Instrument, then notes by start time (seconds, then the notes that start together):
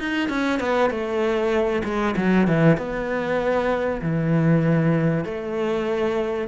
cello
0.00 D#4
0.29 C#4
0.60 B3
0.91 A3
1.85 G#3
2.17 F#3
2.48 E3
2.78 B3
4.02 E3
5.25 A3